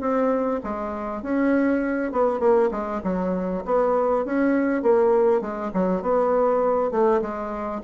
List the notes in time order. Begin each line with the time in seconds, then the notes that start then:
0.00 C4
0.64 G#3
1.22 C#4
2.12 B3
2.39 A#3
2.71 G#3
3.03 F#3
3.65 B3
4.25 C#4
4.82 A#3
5.41 G#3
5.74 F#3
6.02 B3
6.91 A3
7.21 G#3